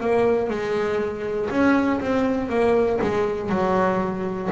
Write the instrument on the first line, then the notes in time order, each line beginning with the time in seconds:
double bass
0.00 A#3
0.50 G#3
1.50 C#4
2.00 C4
2.49 A#3
3.01 G#3
3.50 F#3